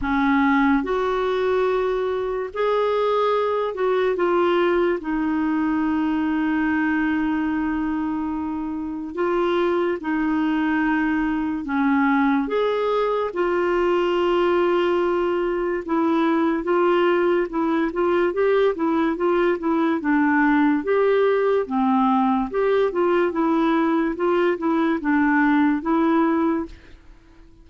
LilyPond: \new Staff \with { instrumentName = "clarinet" } { \time 4/4 \tempo 4 = 72 cis'4 fis'2 gis'4~ | gis'8 fis'8 f'4 dis'2~ | dis'2. f'4 | dis'2 cis'4 gis'4 |
f'2. e'4 | f'4 e'8 f'8 g'8 e'8 f'8 e'8 | d'4 g'4 c'4 g'8 f'8 | e'4 f'8 e'8 d'4 e'4 | }